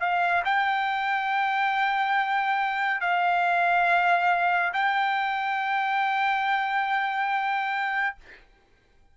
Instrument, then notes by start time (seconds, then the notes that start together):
trumpet
0.00 F5
0.44 G5
3.01 F5
4.73 G5